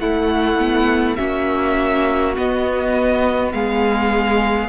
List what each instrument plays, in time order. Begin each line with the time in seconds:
0.00 viola A3, cello A3, violin E4 F#5
0.59 viola B3
1.15 cello A#3, viola C#4, violin F#4 E5
2.35 viola B3, cello B3, violin D#5
3.52 cello G#3, violin G#4 F5